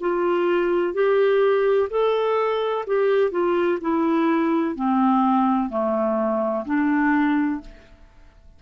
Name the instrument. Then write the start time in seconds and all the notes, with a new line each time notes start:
clarinet
0.00 F4
0.94 G4
1.89 A4
2.86 G4
3.30 F4
3.81 E4
4.75 C4
5.69 A3
6.65 D4